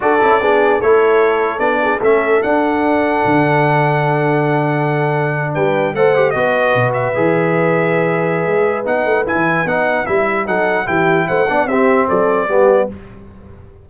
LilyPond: <<
  \new Staff \with { instrumentName = "trumpet" } { \time 4/4 \tempo 4 = 149 d''2 cis''2 | d''4 e''4 fis''2~ | fis''1~ | fis''4.~ fis''16 g''4 fis''4 dis''16~ |
dis''4~ dis''16 e''2~ e''8.~ | e''2 fis''4 gis''4 | fis''4 e''4 fis''4 g''4 | fis''4 e''4 d''2 | }
  \new Staff \with { instrumentName = "horn" } { \time 4/4 a'4 gis'4 a'2~ | a'8 gis'8 a'2.~ | a'1~ | a'4.~ a'16 b'4 c''4 b'16~ |
b'1~ | b'1~ | b'2 a'4 g'4 | c''8 d''8 g'4 a'4 g'4 | }
  \new Staff \with { instrumentName = "trombone" } { \time 4/4 fis'8 e'8 d'4 e'2 | d'4 cis'4 d'2~ | d'1~ | d'2~ d'8. a'8 g'8 fis'16~ |
fis'4.~ fis'16 gis'2~ gis'16~ | gis'2 dis'4 e'4 | dis'4 e'4 dis'4 e'4~ | e'8 d'8 c'2 b4 | }
  \new Staff \with { instrumentName = "tuba" } { \time 4/4 d'8 cis'8 b4 a2 | b4 a4 d'2 | d1~ | d4.~ d16 g4 a4 b16~ |
b8. b,4 e2~ e16~ | e4 gis4 b8 a8 e'16 e8. | b4 g4 fis4 e4 | a8 b8 c'4 fis4 g4 | }
>>